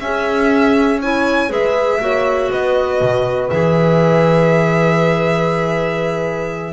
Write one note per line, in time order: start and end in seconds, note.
0.00 1.49 C#4
0.00 1.00 C#4
0.00 1.01 G#4
0.00 1.00 E5
1.01 1.49 E4
1.01 1.50 C#5
1.01 1.52 G#5
1.49 1.99 G#3
1.49 1.99 G#4
1.49 2.00 B4
1.49 2.51 E5
2.00 2.50 A#3
2.00 3.50 F#4
2.00 2.51 C#5
2.51 3.01 B3
2.51 6.73 B4
2.51 3.50 D#5
3.01 3.51 B2
3.50 6.73 E3
3.50 6.73 G#4
3.50 6.73 E5